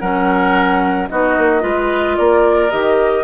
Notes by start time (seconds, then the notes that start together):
0.00 F#3 C#4 A#4 F#5
1.09 B3 D#4 F#4 D#5
1.37 A#3
1.61 G#3 F4 B4
2.17 A#3 A#4 D5
2.70 D#3 G4 D#5